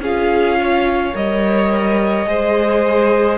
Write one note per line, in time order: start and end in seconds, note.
0.00 1.13 C#4
0.00 1.14 F4
0.00 0.59 G#4
0.00 1.17 F5
0.60 2.29 C#5
1.14 2.26 G3
1.14 2.27 A#4
1.14 3.38 D#5
2.26 3.38 G#3
2.26 3.38 G#4
2.26 3.38 C5